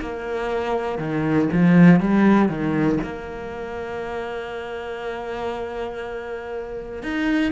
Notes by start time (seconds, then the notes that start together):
0.00 A#3
0.98 D#3
1.52 F3
2.00 G3
2.49 D#3
3.03 A#3
7.02 D#4